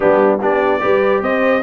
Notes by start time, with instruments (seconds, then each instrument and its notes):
0.00 tuba G3, trombone B3, horn D4, trumpet G4
0.40 tuba B3, trombone D4, horn G4, trumpet D5
0.80 tuba G3, trombone G4, horn B4
1.22 tuba C4, horn C5, trumpet D#5